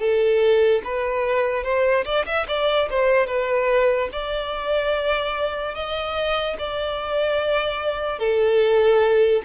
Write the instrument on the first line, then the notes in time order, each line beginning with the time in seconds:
violin
0.00 A4
0.84 B4
1.64 C5
2.05 D5
2.26 E5
2.48 D5
2.91 C5
3.27 B4
4.13 D5
5.75 D#5
6.59 D5
8.20 A4